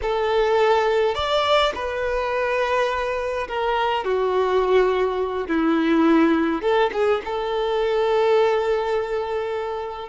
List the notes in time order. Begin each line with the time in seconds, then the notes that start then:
0.02 A4
1.14 D5
1.74 B4
3.48 A#4
4.04 F#4
5.47 E4
6.61 A4
6.92 G#4
7.25 A4